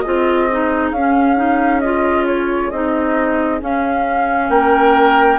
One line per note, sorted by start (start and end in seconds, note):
0.00 0.49 F4
0.00 4.50 G#4
0.00 0.90 D#5
0.06 0.92 C4
0.51 0.96 D#4
0.92 2.71 C#4
0.92 1.36 C#4
0.92 1.81 F5
1.36 1.81 D#4
1.81 2.73 F4
1.81 2.25 D#5
2.27 2.71 C#5
2.71 3.61 C4
2.71 3.61 D#4
2.71 3.60 D#5
3.61 5.39 C#4
3.61 4.50 C#4
3.61 4.50 F5
4.50 5.39 A#3
4.50 5.39 A#4
4.50 5.39 G5